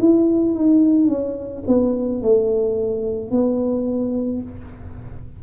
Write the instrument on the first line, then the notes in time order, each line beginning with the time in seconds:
tuba
0.00 E4
0.55 D#4
1.08 C#4
1.67 B3
2.22 A3
3.31 B3